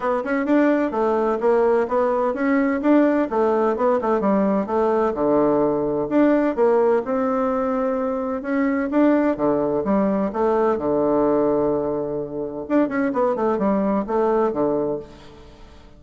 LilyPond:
\new Staff \with { instrumentName = "bassoon" } { \time 4/4 \tempo 4 = 128 b8 cis'8 d'4 a4 ais4 | b4 cis'4 d'4 a4 | b8 a8 g4 a4 d4~ | d4 d'4 ais4 c'4~ |
c'2 cis'4 d'4 | d4 g4 a4 d4~ | d2. d'8 cis'8 | b8 a8 g4 a4 d4 | }